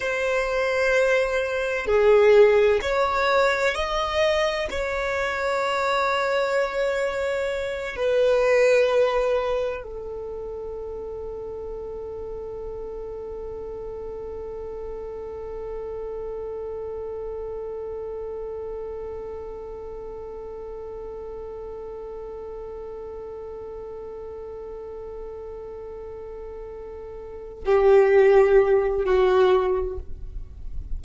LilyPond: \new Staff \with { instrumentName = "violin" } { \time 4/4 \tempo 4 = 64 c''2 gis'4 cis''4 | dis''4 cis''2.~ | cis''8 b'2 a'4.~ | a'1~ |
a'1~ | a'1~ | a'1~ | a'4. g'4. fis'4 | }